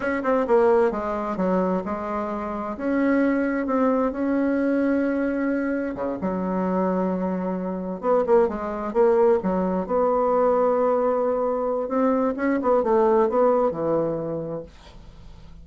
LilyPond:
\new Staff \with { instrumentName = "bassoon" } { \time 4/4 \tempo 4 = 131 cis'8 c'8 ais4 gis4 fis4 | gis2 cis'2 | c'4 cis'2.~ | cis'4 cis8 fis2~ fis8~ |
fis4. b8 ais8 gis4 ais8~ | ais8 fis4 b2~ b8~ | b2 c'4 cis'8 b8 | a4 b4 e2 | }